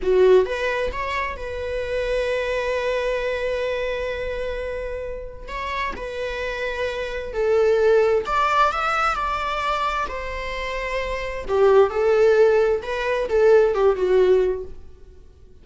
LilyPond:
\new Staff \with { instrumentName = "viola" } { \time 4/4 \tempo 4 = 131 fis'4 b'4 cis''4 b'4~ | b'1~ | b'1 | cis''4 b'2. |
a'2 d''4 e''4 | d''2 c''2~ | c''4 g'4 a'2 | b'4 a'4 g'8 fis'4. | }